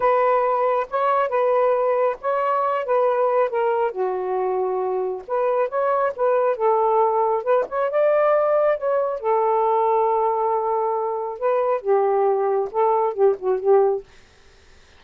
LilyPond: \new Staff \with { instrumentName = "saxophone" } { \time 4/4 \tempo 4 = 137 b'2 cis''4 b'4~ | b'4 cis''4. b'4. | ais'4 fis'2. | b'4 cis''4 b'4 a'4~ |
a'4 b'8 cis''8 d''2 | cis''4 a'2.~ | a'2 b'4 g'4~ | g'4 a'4 g'8 fis'8 g'4 | }